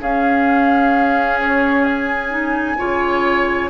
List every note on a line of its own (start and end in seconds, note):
0.00 2.77 C#4
0.00 2.30 C#4
0.00 2.78 G#4
0.00 1.39 F5
1.40 1.84 C#5
1.84 3.69 G#5
2.30 2.76 D#4
2.77 3.70 C#3
2.77 3.70 F4
2.77 3.70 C#5